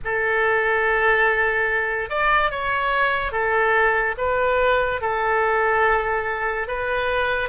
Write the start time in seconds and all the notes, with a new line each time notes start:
0.04 A4
2.09 D5
2.50 C#5
3.31 A4
4.17 B4
5.01 A4
6.67 B4